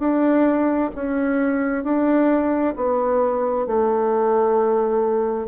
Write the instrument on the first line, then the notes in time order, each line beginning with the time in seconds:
bassoon
0.00 D4
0.96 C#4
1.84 D4
2.76 B3
3.67 A3